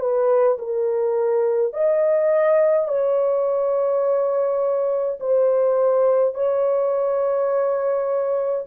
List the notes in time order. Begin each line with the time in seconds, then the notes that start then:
0.00 B4
0.59 A#4
1.74 D#5
2.88 C#5
5.20 C5
6.35 C#5